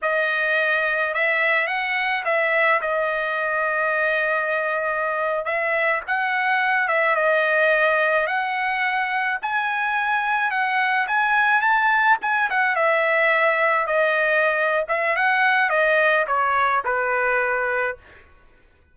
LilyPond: \new Staff \with { instrumentName = "trumpet" } { \time 4/4 \tempo 4 = 107 dis''2 e''4 fis''4 | e''4 dis''2.~ | dis''4.~ dis''16 e''4 fis''4~ fis''16~ | fis''16 e''8 dis''2 fis''4~ fis''16~ |
fis''8. gis''2 fis''4 gis''16~ | gis''8. a''4 gis''8 fis''8 e''4~ e''16~ | e''8. dis''4.~ dis''16 e''8 fis''4 | dis''4 cis''4 b'2 | }